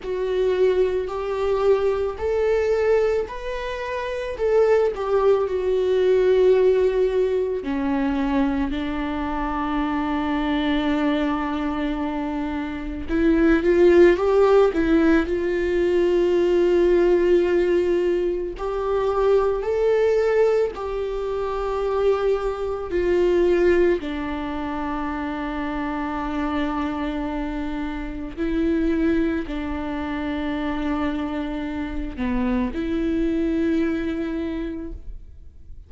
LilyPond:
\new Staff \with { instrumentName = "viola" } { \time 4/4 \tempo 4 = 55 fis'4 g'4 a'4 b'4 | a'8 g'8 fis'2 cis'4 | d'1 | e'8 f'8 g'8 e'8 f'2~ |
f'4 g'4 a'4 g'4~ | g'4 f'4 d'2~ | d'2 e'4 d'4~ | d'4. b8 e'2 | }